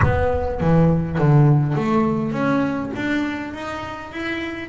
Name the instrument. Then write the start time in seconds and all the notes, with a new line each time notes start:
double bass
0.02 B3
0.60 E3
1.18 D3
1.75 A3
2.32 C#4
2.95 D4
3.53 D#4
4.11 E4